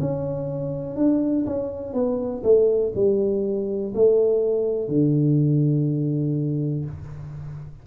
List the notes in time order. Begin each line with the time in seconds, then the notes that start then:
0.00 C#4
0.96 D4
1.46 C#4
1.93 B3
2.43 A3
2.95 G3
3.94 A3
4.88 D3